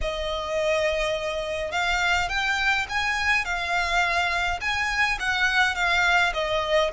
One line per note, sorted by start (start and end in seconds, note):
0.01 1.72 D#5
1.72 2.28 F5
2.28 2.86 G5
2.89 3.44 G#5
3.44 4.60 F5
4.60 5.18 G#5
5.19 5.75 F#5
5.75 6.33 F5
6.33 6.91 D#5